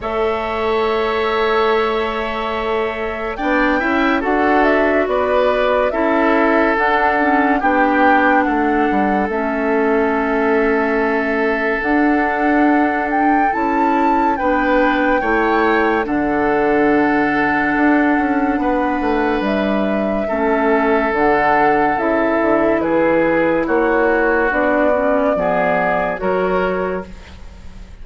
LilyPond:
<<
  \new Staff \with { instrumentName = "flute" } { \time 4/4 \tempo 4 = 71 e''1 | g''4 fis''8 e''8 d''4 e''4 | fis''4 g''4 fis''4 e''4~ | e''2 fis''4. g''8 |
a''4 g''2 fis''4~ | fis''2. e''4~ | e''4 fis''4 e''4 b'4 | cis''4 d''2 cis''4 | }
  \new Staff \with { instrumentName = "oboe" } { \time 4/4 cis''1 | d''8 e''8 a'4 b'4 a'4~ | a'4 g'4 a'2~ | a'1~ |
a'4 b'4 cis''4 a'4~ | a'2 b'2 | a'2. gis'4 | fis'2 gis'4 ais'4 | }
  \new Staff \with { instrumentName = "clarinet" } { \time 4/4 a'1 | d'8 e'8 fis'2 e'4 | d'8 cis'8 d'2 cis'4~ | cis'2 d'2 |
e'4 d'4 e'4 d'4~ | d'1 | cis'4 d'4 e'2~ | e'4 d'8 cis'8 b4 fis'4 | }
  \new Staff \with { instrumentName = "bassoon" } { \time 4/4 a1 | b8 cis'8 d'4 b4 cis'4 | d'4 b4 a8 g8 a4~ | a2 d'2 |
cis'4 b4 a4 d4~ | d4 d'8 cis'8 b8 a8 g4 | a4 d4 cis8 d8 e4 | ais4 b4 f4 fis4 | }
>>